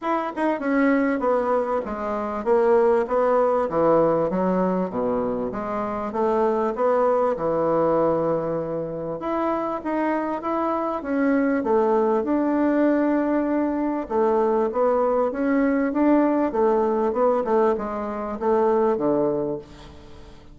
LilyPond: \new Staff \with { instrumentName = "bassoon" } { \time 4/4 \tempo 4 = 98 e'8 dis'8 cis'4 b4 gis4 | ais4 b4 e4 fis4 | b,4 gis4 a4 b4 | e2. e'4 |
dis'4 e'4 cis'4 a4 | d'2. a4 | b4 cis'4 d'4 a4 | b8 a8 gis4 a4 d4 | }